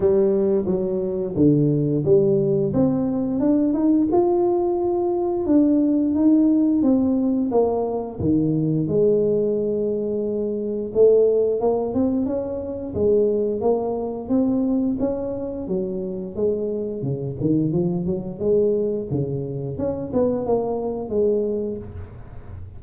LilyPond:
\new Staff \with { instrumentName = "tuba" } { \time 4/4 \tempo 4 = 88 g4 fis4 d4 g4 | c'4 d'8 dis'8 f'2 | d'4 dis'4 c'4 ais4 | dis4 gis2. |
a4 ais8 c'8 cis'4 gis4 | ais4 c'4 cis'4 fis4 | gis4 cis8 dis8 f8 fis8 gis4 | cis4 cis'8 b8 ais4 gis4 | }